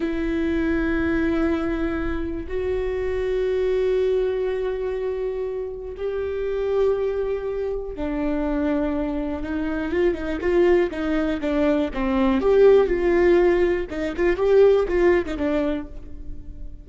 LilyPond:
\new Staff \with { instrumentName = "viola" } { \time 4/4 \tempo 4 = 121 e'1~ | e'4 fis'2.~ | fis'1 | g'1 |
d'2. dis'4 | f'8 dis'8 f'4 dis'4 d'4 | c'4 g'4 f'2 | dis'8 f'8 g'4 f'8. dis'16 d'4 | }